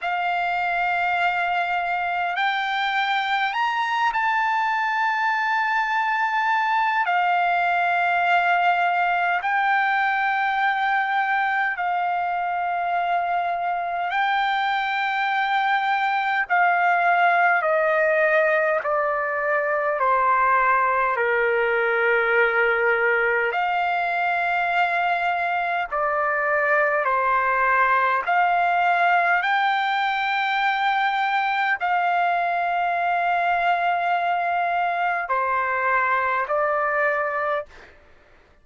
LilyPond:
\new Staff \with { instrumentName = "trumpet" } { \time 4/4 \tempo 4 = 51 f''2 g''4 ais''8 a''8~ | a''2 f''2 | g''2 f''2 | g''2 f''4 dis''4 |
d''4 c''4 ais'2 | f''2 d''4 c''4 | f''4 g''2 f''4~ | f''2 c''4 d''4 | }